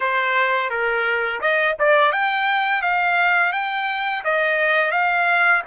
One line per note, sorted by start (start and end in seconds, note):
0.00 0.69 C5
0.69 1.40 A#4
1.40 1.76 D#5
1.79 2.12 D5
2.12 2.81 G5
2.81 3.52 F5
3.52 4.23 G5
4.24 4.91 D#5
4.91 5.61 F5